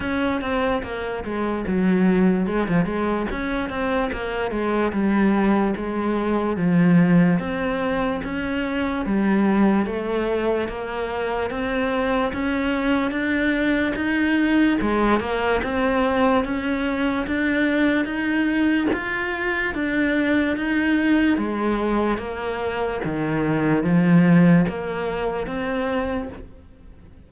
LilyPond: \new Staff \with { instrumentName = "cello" } { \time 4/4 \tempo 4 = 73 cis'8 c'8 ais8 gis8 fis4 gis16 f16 gis8 | cis'8 c'8 ais8 gis8 g4 gis4 | f4 c'4 cis'4 g4 | a4 ais4 c'4 cis'4 |
d'4 dis'4 gis8 ais8 c'4 | cis'4 d'4 dis'4 f'4 | d'4 dis'4 gis4 ais4 | dis4 f4 ais4 c'4 | }